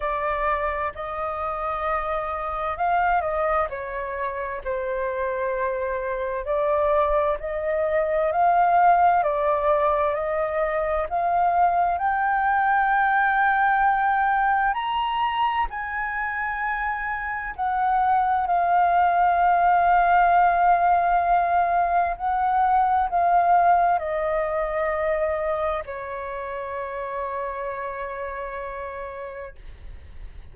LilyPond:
\new Staff \with { instrumentName = "flute" } { \time 4/4 \tempo 4 = 65 d''4 dis''2 f''8 dis''8 | cis''4 c''2 d''4 | dis''4 f''4 d''4 dis''4 | f''4 g''2. |
ais''4 gis''2 fis''4 | f''1 | fis''4 f''4 dis''2 | cis''1 | }